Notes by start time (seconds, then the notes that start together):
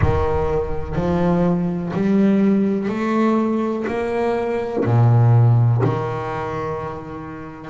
0.01 D#3
0.95 F3
1.94 G3
2.88 A3
3.87 A#3
4.84 A#2
5.83 D#3